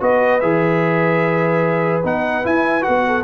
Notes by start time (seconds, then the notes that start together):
0.00 B3 F#4 B4 D#5
0.40 E3 G#4 E5
2.04 B3 D#4 F#5
2.44 E4 G#5
2.81 F#4 F#5
2.88 B3
3.07 A4